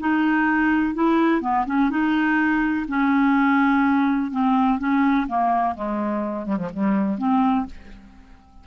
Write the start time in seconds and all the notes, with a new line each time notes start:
0.00 D#4
0.94 E4
1.41 B3
1.66 C#4
1.90 D#4
2.88 C#4
4.32 C4
4.79 C#4
5.28 A#3
5.75 G#3
6.46 G3
6.57 F3
6.73 G3
7.18 C4